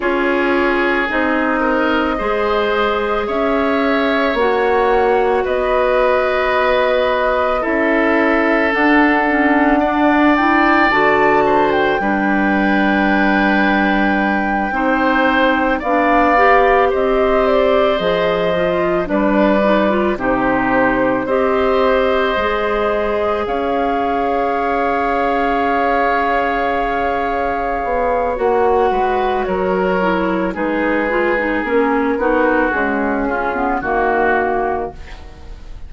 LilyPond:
<<
  \new Staff \with { instrumentName = "flute" } { \time 4/4 \tempo 4 = 55 cis''4 dis''2 e''4 | fis''4 dis''2 e''4 | fis''4. g''8 a''8. g''4~ g''16~ | g''2~ g''8 f''4 dis''8 |
d''8 dis''4 d''4 c''4 dis''8~ | dis''4. f''2~ f''8~ | f''2 fis''4 cis''4 | b'4 ais'4 gis'4 fis'4 | }
  \new Staff \with { instrumentName = "oboe" } { \time 4/4 gis'4. ais'8 c''4 cis''4~ | cis''4 b'2 a'4~ | a'4 d''4. c''8 b'4~ | b'4. c''4 d''4 c''8~ |
c''4. b'4 g'4 c''8~ | c''4. cis''2~ cis''8~ | cis''2~ cis''8 b'8 ais'4 | gis'4. fis'4 f'8 fis'4 | }
  \new Staff \with { instrumentName = "clarinet" } { \time 4/4 f'4 dis'4 gis'2 | fis'2. e'4 | d'8 cis'8 d'8 e'8 fis'4 d'4~ | d'4. dis'4 d'8 g'4~ |
g'8 gis'8 f'8 d'8 dis'16 f'16 dis'4 g'8~ | g'8 gis'2.~ gis'8~ | gis'2 fis'4. e'8 | dis'8 f'16 dis'16 cis'8 dis'8 gis8 cis'16 b16 ais4 | }
  \new Staff \with { instrumentName = "bassoon" } { \time 4/4 cis'4 c'4 gis4 cis'4 | ais4 b2 cis'4 | d'2 d4 g4~ | g4. c'4 b4 c'8~ |
c'8 f4 g4 c4 c'8~ | c'8 gis4 cis'2~ cis'8~ | cis'4. b8 ais8 gis8 fis4 | gis4 ais8 b8 cis'4 dis4 | }
>>